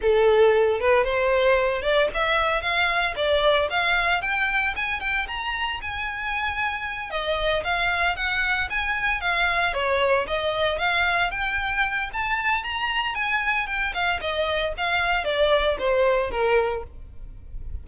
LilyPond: \new Staff \with { instrumentName = "violin" } { \time 4/4 \tempo 4 = 114 a'4. b'8 c''4. d''8 | e''4 f''4 d''4 f''4 | g''4 gis''8 g''8 ais''4 gis''4~ | gis''4. dis''4 f''4 fis''8~ |
fis''8 gis''4 f''4 cis''4 dis''8~ | dis''8 f''4 g''4. a''4 | ais''4 gis''4 g''8 f''8 dis''4 | f''4 d''4 c''4 ais'4 | }